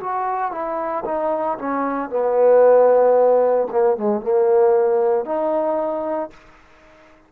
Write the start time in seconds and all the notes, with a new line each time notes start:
0.00 F#4
0.52 E4
1.05 D#4
1.58 C#4
2.10 B3
3.72 A#3
3.98 G#3
4.22 A#3
5.25 D#4